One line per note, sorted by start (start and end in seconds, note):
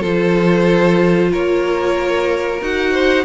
0.00 1.32 F3
0.00 2.59 F4
0.00 1.29 A4
0.00 1.32 C5
1.32 2.61 A#3
1.32 2.92 A#4
1.32 2.61 C#5
2.61 3.24 D#4
2.61 3.24 F#4
2.61 3.24 F#5
2.92 3.24 C5